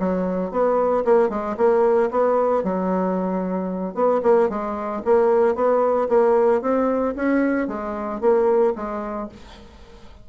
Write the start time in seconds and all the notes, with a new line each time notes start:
0.00 F#3
0.52 B3
1.05 A#3
1.30 G#3
1.58 A#3
2.11 B3
2.64 F#3
3.95 B3
4.23 A#3
4.50 G#3
5.05 A#3
5.56 B3
6.09 A#3
6.62 C4
7.16 C#4
7.68 G#3
8.21 A#3
8.76 G#3